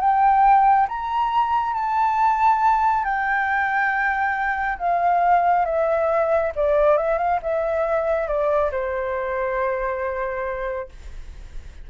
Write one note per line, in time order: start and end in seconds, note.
0.00 0.87 G5
0.88 1.74 A#5
1.74 3.04 A5
3.04 4.78 G5
4.78 5.65 F5
5.65 6.52 E5
6.56 6.97 D5
6.97 7.18 E5
7.18 7.40 F5
7.42 8.27 E5
8.27 8.71 D5
8.71 10.89 C5